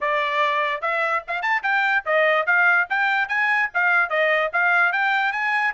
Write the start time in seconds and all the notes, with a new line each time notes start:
0.01 D5
0.81 E5
1.27 F5
1.42 A5
1.63 G5
2.05 D#5
2.46 F5
2.89 G5
3.28 G#5
3.74 F5
4.09 D#5
4.52 F5
4.92 G5
5.32 G#5